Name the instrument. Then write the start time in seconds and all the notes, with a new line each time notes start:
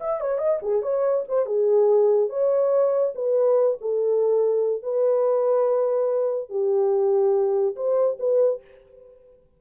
horn
0.00 E5
0.20 C#5
0.38 D#5
0.62 G#4
0.82 C#5
1.28 C5
1.46 G#4
2.29 C#5
3.15 B4
3.81 A4
4.83 B4
6.49 G4
7.76 C5
8.19 B4